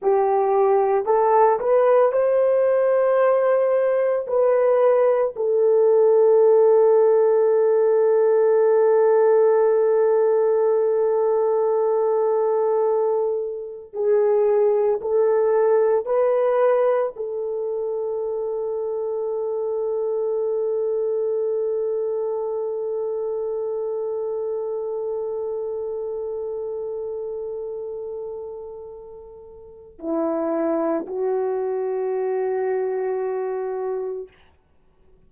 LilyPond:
\new Staff \with { instrumentName = "horn" } { \time 4/4 \tempo 4 = 56 g'4 a'8 b'8 c''2 | b'4 a'2.~ | a'1~ | a'4 gis'4 a'4 b'4 |
a'1~ | a'1~ | a'1 | e'4 fis'2. | }